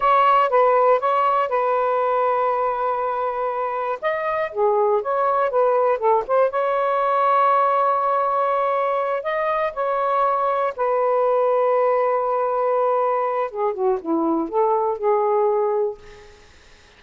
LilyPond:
\new Staff \with { instrumentName = "saxophone" } { \time 4/4 \tempo 4 = 120 cis''4 b'4 cis''4 b'4~ | b'1 | dis''4 gis'4 cis''4 b'4 | a'8 c''8 cis''2.~ |
cis''2~ cis''8 dis''4 cis''8~ | cis''4. b'2~ b'8~ | b'2. gis'8 fis'8 | e'4 a'4 gis'2 | }